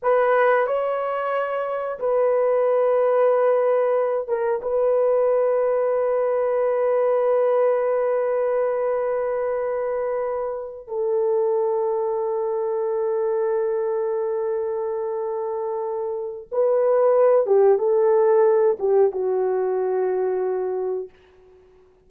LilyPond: \new Staff \with { instrumentName = "horn" } { \time 4/4 \tempo 4 = 91 b'4 cis''2 b'4~ | b'2~ b'8 ais'8 b'4~ | b'1~ | b'1~ |
b'8 a'2.~ a'8~ | a'1~ | a'4 b'4. g'8 a'4~ | a'8 g'8 fis'2. | }